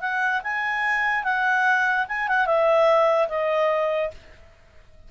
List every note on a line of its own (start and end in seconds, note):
0.00 0.41 F#5
0.43 1.23 G#5
1.23 2.06 F#5
2.08 2.28 G#5
2.28 2.46 F#5
2.46 3.28 E5
3.28 4.10 D#5